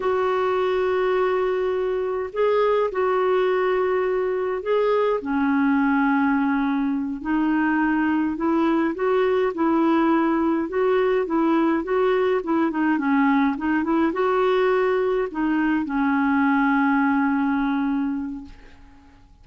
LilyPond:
\new Staff \with { instrumentName = "clarinet" } { \time 4/4 \tempo 4 = 104 fis'1 | gis'4 fis'2. | gis'4 cis'2.~ | cis'8 dis'2 e'4 fis'8~ |
fis'8 e'2 fis'4 e'8~ | e'8 fis'4 e'8 dis'8 cis'4 dis'8 | e'8 fis'2 dis'4 cis'8~ | cis'1 | }